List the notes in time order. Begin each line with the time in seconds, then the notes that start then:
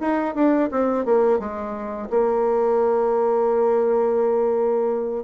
0.00 D#4
0.35 D4
0.71 C4
1.05 A#3
1.39 G#3
2.10 A#3